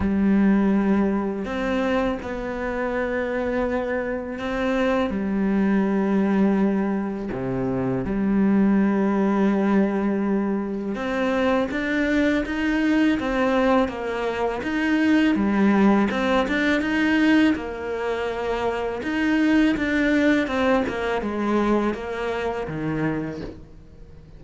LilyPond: \new Staff \with { instrumentName = "cello" } { \time 4/4 \tempo 4 = 82 g2 c'4 b4~ | b2 c'4 g4~ | g2 c4 g4~ | g2. c'4 |
d'4 dis'4 c'4 ais4 | dis'4 g4 c'8 d'8 dis'4 | ais2 dis'4 d'4 | c'8 ais8 gis4 ais4 dis4 | }